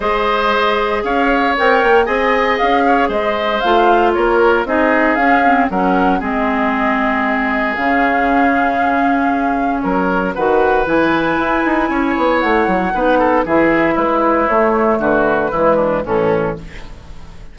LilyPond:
<<
  \new Staff \with { instrumentName = "flute" } { \time 4/4 \tempo 4 = 116 dis''2 f''4 g''4 | gis''4 f''4 dis''4 f''4 | cis''4 dis''4 f''4 fis''4 | dis''2. f''4~ |
f''2. cis''4 | fis''4 gis''2. | fis''2 e''4 b'4 | cis''4 b'2 a'4 | }
  \new Staff \with { instrumentName = "oboe" } { \time 4/4 c''2 cis''2 | dis''4. cis''8 c''2 | ais'4 gis'2 ais'4 | gis'1~ |
gis'2. ais'4 | b'2. cis''4~ | cis''4 b'8 a'8 gis'4 e'4~ | e'4 fis'4 e'8 d'8 cis'4 | }
  \new Staff \with { instrumentName = "clarinet" } { \time 4/4 gis'2. ais'4 | gis'2. f'4~ | f'4 dis'4 cis'8 c'8 cis'4 | c'2. cis'4~ |
cis'1 | fis'4 e'2.~ | e'4 dis'4 e'2 | a2 gis4 e4 | }
  \new Staff \with { instrumentName = "bassoon" } { \time 4/4 gis2 cis'4 c'8 ais8 | c'4 cis'4 gis4 a4 | ais4 c'4 cis'4 fis4 | gis2. cis4~ |
cis2. fis4 | dis4 e4 e'8 dis'8 cis'8 b8 | a8 fis8 b4 e4 gis4 | a4 d4 e4 a,4 | }
>>